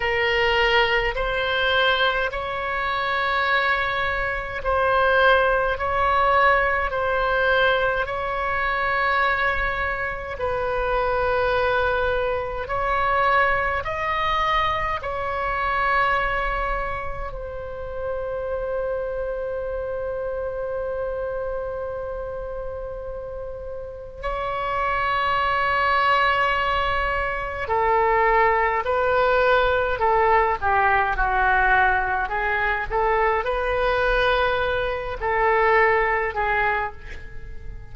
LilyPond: \new Staff \with { instrumentName = "oboe" } { \time 4/4 \tempo 4 = 52 ais'4 c''4 cis''2 | c''4 cis''4 c''4 cis''4~ | cis''4 b'2 cis''4 | dis''4 cis''2 c''4~ |
c''1~ | c''4 cis''2. | a'4 b'4 a'8 g'8 fis'4 | gis'8 a'8 b'4. a'4 gis'8 | }